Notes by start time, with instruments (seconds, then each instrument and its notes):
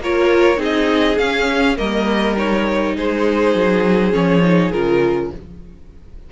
0.00 cello A#3, viola F4, violin A#4 C#5
0.57 cello C4, viola D#4, violin G#4 D#5
1.18 cello C#4, viola C#4, violin F5
1.77 cello G3, viola A#3, violin A#4 D#5
2.37 viola D#4, violin C#5
2.96 cello G#3, violin G#4 C5
3.55 cello F#3
4.11 cello F3, viola C#4, violin C#5
4.44 viola D#4
4.72 cello C#3, viola F4, violin A#4